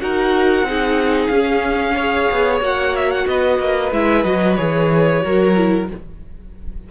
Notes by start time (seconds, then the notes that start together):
0.00 D#4 F#4 A#4 F#5
0.62 C4 D#4 G#4
1.27 C#4 F5
1.95 G#4 C#5
2.31 B3
2.60 A#3 F#4 F#5
2.96 E5
3.10 F#5
3.26 B3 B4 D#5
3.59 A#3
3.91 G#3 E4 E5
4.23 F#3 F#4 D#5
4.56 E3 G#4 C#5
5.22 F#3 F#4 A#4
5.56 E4